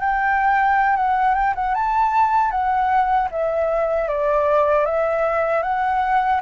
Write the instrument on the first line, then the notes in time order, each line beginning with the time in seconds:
flute
0.00 G5
0.96 F#5
1.35 G5
1.55 F#5
1.75 A5
2.51 F#5
3.31 E5
4.08 D5
4.86 E5
5.63 F#5